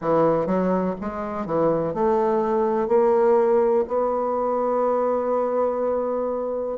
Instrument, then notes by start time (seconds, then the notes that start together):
bassoon
0.00 E3
0.46 F#3
1.00 G#3
1.46 E3
1.94 A3
2.88 A#3
3.87 B3